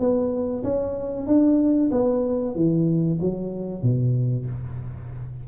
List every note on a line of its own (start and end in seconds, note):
0.00 0.64 B3
0.64 1.27 C#4
1.27 1.91 D4
1.92 2.56 B3
2.56 3.19 E3
3.21 3.83 F#3
3.83 4.47 B2